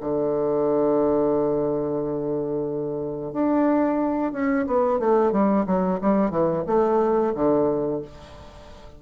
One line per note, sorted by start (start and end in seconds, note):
0.00 3.32 D3
3.32 4.32 D4
4.32 4.65 C#4
4.66 4.99 B3
4.99 5.32 A3
5.32 5.65 G3
5.66 5.99 F#3
6.01 6.30 G3
6.30 6.63 E3
6.66 7.33 A3
7.35 8.01 D3